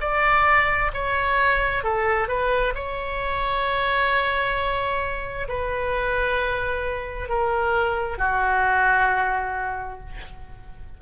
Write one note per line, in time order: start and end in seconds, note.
0.00 0.91 D5
0.93 1.83 C#5
1.83 2.28 A4
2.28 2.74 B4
2.75 5.48 C#5
5.48 7.29 B4
7.29 8.18 A#4
8.18 10.00 F#4